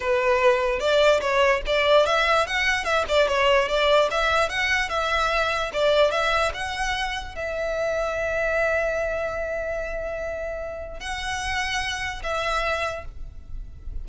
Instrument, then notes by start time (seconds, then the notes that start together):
violin
0.00 B4
0.79 D5
1.20 C#5
1.66 D5
2.06 E5
2.46 F#5
2.84 E5
3.08 D5
3.27 C#5
3.68 D5
4.10 E5
4.49 F#5
4.89 E5
5.73 D5
6.11 E5
6.54 F#5
7.35 E5
11.00 F#5
12.23 E5